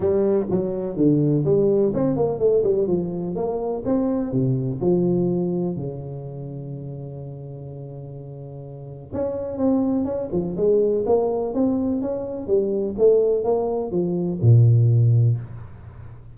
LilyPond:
\new Staff \with { instrumentName = "tuba" } { \time 4/4 \tempo 4 = 125 g4 fis4 d4 g4 | c'8 ais8 a8 g8 f4 ais4 | c'4 c4 f2 | cis1~ |
cis2. cis'4 | c'4 cis'8 f8 gis4 ais4 | c'4 cis'4 g4 a4 | ais4 f4 ais,2 | }